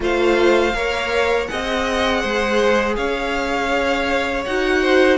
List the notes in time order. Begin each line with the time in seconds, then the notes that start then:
0.00 A3 F4 C5 F5
0.74 A#3 A#4 C#5
1.47 C4 G#4 D#5 F#5
2.21 G#3 C5
2.96 C#4 C#5 F5
4.45 D#4 F#4 F#5
4.82 C5